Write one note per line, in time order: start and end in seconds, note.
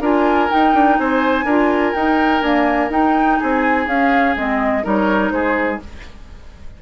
0.00 0.48 D4
0.00 0.49 F4
0.00 0.98 A#4
0.00 0.51 G#5
0.49 1.46 D#4
0.49 0.74 D#4
0.49 0.99 G5
0.74 0.98 D4
0.99 1.44 C4
0.99 1.45 C5
0.99 1.94 G#5
1.44 1.93 D4
1.44 1.95 F4
1.44 3.39 A#4
1.94 2.43 D#4
1.94 2.42 D#4
1.94 2.41 G5
2.41 2.91 A#3
2.41 2.90 D4
2.41 2.90 G#5
2.90 3.38 D#4
2.90 3.88 D#4
2.90 3.39 G5
3.39 3.87 C4
3.39 4.84 G#4
3.39 3.88 G#5
3.87 4.35 C#4
3.87 4.36 C#4
3.87 4.36 F5
4.36 4.85 G#3
4.36 4.83 C4
4.36 4.86 D#5
4.83 5.31 G3
4.83 5.80 D#4
4.83 5.32 A#4
4.83 5.31 C#5
5.31 5.80 G#3
5.31 5.82 G#4
5.31 5.79 C5